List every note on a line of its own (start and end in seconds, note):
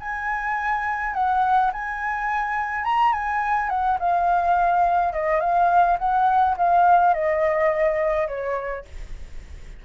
0.00 1.14 G#5
1.14 1.71 F#5
1.73 2.84 G#5
2.84 3.13 A#5
3.13 3.70 G#5
3.70 3.98 F#5
4.00 5.13 F5
5.13 5.40 D#5
5.40 5.97 F5
5.99 6.56 F#5
6.57 7.14 F5
7.14 8.28 D#5
8.28 8.85 C#5